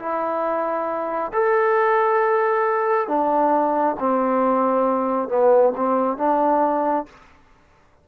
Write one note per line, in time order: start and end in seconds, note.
0.00 1.32 E4
1.34 3.08 A4
3.08 3.96 D4
4.00 5.29 C4
5.29 5.73 B3
5.77 6.18 C4
6.18 7.06 D4